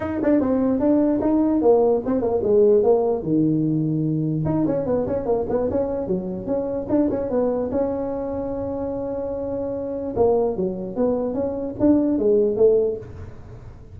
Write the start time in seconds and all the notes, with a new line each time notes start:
0.00 D#4
0.22 D4
0.40 C4
0.79 D4
1.21 D#4
1.61 A#3
2.05 C4
2.21 A#3
2.43 G#3
2.83 A#3
3.22 D#3
4.45 D#4
4.66 C#4
4.86 B3
5.07 C#4
5.25 A#3
5.49 B3
5.70 C#4
6.07 F#3
6.46 C#4
6.89 D4
7.10 C#4
7.30 B3
7.71 C#4
10.16 A#3
10.56 F#3
10.96 B3
11.34 C#4
11.79 D4
12.18 G#3
12.56 A3